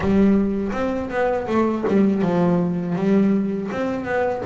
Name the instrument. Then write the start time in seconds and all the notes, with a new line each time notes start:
double bass
0.00 G3
0.72 C4
1.09 B3
1.47 A3
1.88 G3
2.22 F3
2.95 G3
3.71 C4
4.04 B3